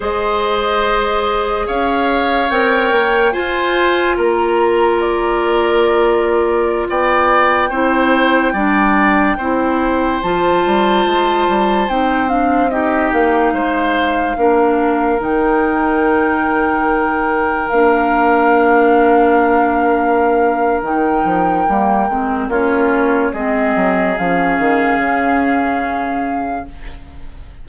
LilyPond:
<<
  \new Staff \with { instrumentName = "flute" } { \time 4/4 \tempo 4 = 72 dis''2 f''4 g''4 | gis''4 ais''4 d''2~ | d''16 g''2.~ g''8.~ | g''16 a''2 g''8 f''8 dis''8 f''16~ |
f''2~ f''16 g''4.~ g''16~ | g''4~ g''16 f''2~ f''8.~ | f''4 g''2 cis''4 | dis''4 f''2. | }
  \new Staff \with { instrumentName = "oboe" } { \time 4/4 c''2 cis''2 | c''4 ais'2.~ | ais'16 d''4 c''4 d''4 c''8.~ | c''2.~ c''16 g'8.~ |
g'16 c''4 ais'2~ ais'8.~ | ais'1~ | ais'2. f'4 | gis'1 | }
  \new Staff \with { instrumentName = "clarinet" } { \time 4/4 gis'2. ais'4 | f'1~ | f'4~ f'16 e'4 d'4 e'8.~ | e'16 f'2 dis'8 d'8 dis'8.~ |
dis'4~ dis'16 d'4 dis'4.~ dis'16~ | dis'4~ dis'16 d'2~ d'8.~ | d'4 dis'4 ais8 c'8 cis'4 | c'4 cis'2. | }
  \new Staff \with { instrumentName = "bassoon" } { \time 4/4 gis2 cis'4 c'8 ais8 | f'4 ais2.~ | ais16 b4 c'4 g4 c'8.~ | c'16 f8 g8 gis8 g8 c'4. ais16~ |
ais16 gis4 ais4 dis4.~ dis16~ | dis4~ dis16 ais2~ ais8.~ | ais4 dis8 f8 g8 gis8 ais4 | gis8 fis8 f8 dis8 cis2 | }
>>